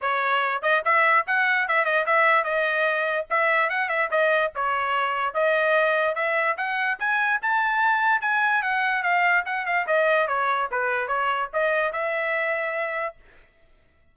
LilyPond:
\new Staff \with { instrumentName = "trumpet" } { \time 4/4 \tempo 4 = 146 cis''4. dis''8 e''4 fis''4 | e''8 dis''8 e''4 dis''2 | e''4 fis''8 e''8 dis''4 cis''4~ | cis''4 dis''2 e''4 |
fis''4 gis''4 a''2 | gis''4 fis''4 f''4 fis''8 f''8 | dis''4 cis''4 b'4 cis''4 | dis''4 e''2. | }